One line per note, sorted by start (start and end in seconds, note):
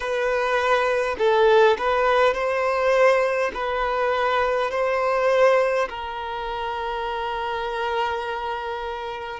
0.00 1.16 B4
1.18 1.76 A4
1.78 2.34 B4
2.34 3.51 C5
3.53 4.71 B4
4.71 5.88 C5
5.89 9.40 A#4